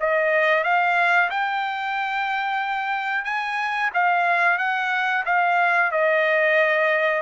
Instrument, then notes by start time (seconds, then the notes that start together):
trumpet
0.00 D#5
0.64 F5
1.30 G5
3.24 G#5
3.94 F5
4.58 F#5
5.25 F5
5.92 D#5